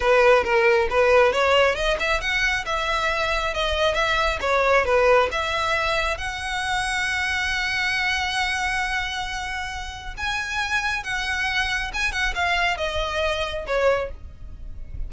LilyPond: \new Staff \with { instrumentName = "violin" } { \time 4/4 \tempo 4 = 136 b'4 ais'4 b'4 cis''4 | dis''8 e''8 fis''4 e''2 | dis''4 e''4 cis''4 b'4 | e''2 fis''2~ |
fis''1~ | fis''2. gis''4~ | gis''4 fis''2 gis''8 fis''8 | f''4 dis''2 cis''4 | }